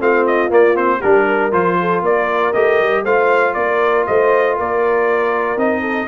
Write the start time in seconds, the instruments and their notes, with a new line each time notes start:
0.00 tuba A3, trombone C4, horn F4, trumpet F5
0.26 trumpet D#5
0.50 trombone A#3, tuba A#3, trumpet D5
0.75 trombone C4, trumpet C5
1.00 tuba G3, trombone D4, horn G4, trumpet A#4
1.28 horn A#4
1.52 tuba F3, trombone F4, trumpet C5
1.81 horn A4
2.03 tuba A#3, horn A#4, trumpet D5
2.53 tuba A3, trombone G4, trumpet D#5
2.81 tuba G3
3.04 tuba A3, trombone F4, horn C5, trumpet F5
3.54 tuba A#3, trumpet D5
3.60 horn A#4
4.07 tuba A3, horn C5, trumpet D#5
4.56 tuba A#3, horn A#4, trumpet D5
5.57 tuba C4, trombone D#4, trumpet D#5
5.82 horn A4